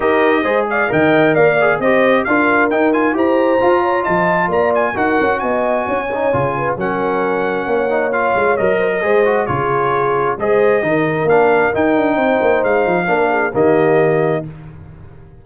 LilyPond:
<<
  \new Staff \with { instrumentName = "trumpet" } { \time 4/4 \tempo 4 = 133 dis''4. f''8 g''4 f''4 | dis''4 f''4 g''8 gis''8 ais''4~ | ais''4 a''4 ais''8 gis''8 fis''4 | gis''2. fis''4~ |
fis''2 f''4 dis''4~ | dis''4 cis''2 dis''4~ | dis''4 f''4 g''2 | f''2 dis''2 | }
  \new Staff \with { instrumentName = "horn" } { \time 4/4 ais'4 c''8 d''8 dis''4 d''4 | c''4 ais'2 c''4~ | c''8 cis''8 dis''4 d''4 ais'4 | dis''4 cis''4. b'8 ais'4~ |
ais'4 cis''2~ cis''8 c''16 ais'16 | c''4 gis'2 c''4 | ais'2. c''4~ | c''4 ais'8 gis'8 g'2 | }
  \new Staff \with { instrumentName = "trombone" } { \time 4/4 g'4 gis'4 ais'4. gis'8 | g'4 f'4 dis'8 f'8 g'4 | f'2. fis'4~ | fis'4. dis'8 f'4 cis'4~ |
cis'4. dis'8 f'4 ais'4 | gis'8 fis'8 f'2 gis'4 | dis'4 d'4 dis'2~ | dis'4 d'4 ais2 | }
  \new Staff \with { instrumentName = "tuba" } { \time 4/4 dis'4 gis4 dis4 ais4 | c'4 d'4 dis'4 e'4 | f'4 f4 ais4 dis'8 cis'8 | b4 cis'4 cis4 fis4~ |
fis4 ais4. gis8 fis4 | gis4 cis2 gis4 | dis4 ais4 dis'8 d'8 c'8 ais8 | gis8 f8 ais4 dis2 | }
>>